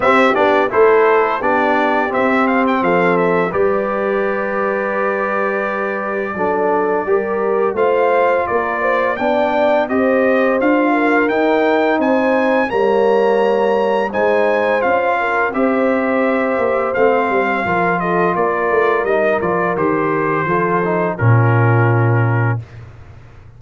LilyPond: <<
  \new Staff \with { instrumentName = "trumpet" } { \time 4/4 \tempo 4 = 85 e''8 d''8 c''4 d''4 e''8 f''16 g''16 | f''8 e''8 d''2.~ | d''2. f''4 | d''4 g''4 dis''4 f''4 |
g''4 gis''4 ais''2 | gis''4 f''4 e''2 | f''4. dis''8 d''4 dis''8 d''8 | c''2 ais'2 | }
  \new Staff \with { instrumentName = "horn" } { \time 4/4 g'4 a'4 g'2 | a'4 b'2.~ | b'4 a'4 ais'4 c''4 | ais'8 c''8 d''4 c''4. ais'8~ |
ais'4 c''4 cis''2 | c''4. ais'8 c''2~ | c''4 ais'8 a'8 ais'2~ | ais'4 a'4 f'2 | }
  \new Staff \with { instrumentName = "trombone" } { \time 4/4 c'8 d'8 e'4 d'4 c'4~ | c'4 g'2.~ | g'4 d'4 g'4 f'4~ | f'4 d'4 g'4 f'4 |
dis'2 ais2 | dis'4 f'4 g'2 | c'4 f'2 dis'8 f'8 | g'4 f'8 dis'8 cis'2 | }
  \new Staff \with { instrumentName = "tuba" } { \time 4/4 c'8 b8 a4 b4 c'4 | f4 g2.~ | g4 fis4 g4 a4 | ais4 b4 c'4 d'4 |
dis'4 c'4 g2 | gis4 cis'4 c'4. ais8 | a8 g8 f4 ais8 a8 g8 f8 | dis4 f4 ais,2 | }
>>